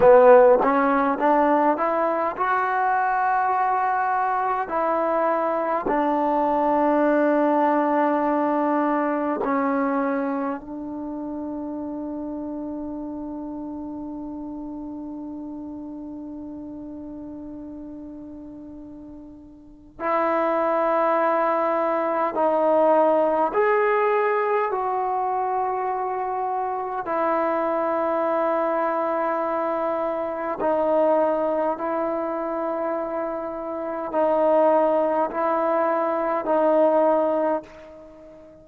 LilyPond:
\new Staff \with { instrumentName = "trombone" } { \time 4/4 \tempo 4 = 51 b8 cis'8 d'8 e'8 fis'2 | e'4 d'2. | cis'4 d'2.~ | d'1~ |
d'4 e'2 dis'4 | gis'4 fis'2 e'4~ | e'2 dis'4 e'4~ | e'4 dis'4 e'4 dis'4 | }